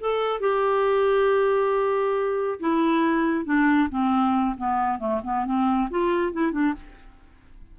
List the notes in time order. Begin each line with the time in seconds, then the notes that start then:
0.00 A4
0.40 G4
2.59 E4
3.45 D4
3.90 C4
4.57 B3
4.99 A3
5.24 B3
5.45 C4
5.90 F4
6.32 E4
6.51 D4